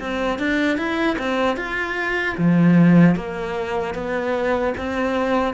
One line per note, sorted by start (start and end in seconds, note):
0.00 0.39 C4
0.39 0.78 D4
0.78 1.17 E4
1.18 1.57 C4
1.57 2.36 F4
2.38 3.16 F3
3.16 3.95 A#3
3.95 4.74 B3
4.78 5.54 C4